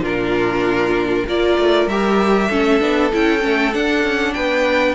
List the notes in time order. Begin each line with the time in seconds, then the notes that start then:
0.00 A#2 D4 F4 A#4
1.27 A#3 F4 A#4 D5
1.59 A3
1.87 G3 G4 E5
2.49 A3 C#4 A4
2.79 B3 D4
3.13 C#4 E4 G5
3.40 A3 C#4
3.73 D4 F#5
4.04 C#4
4.34 B3 B4 G5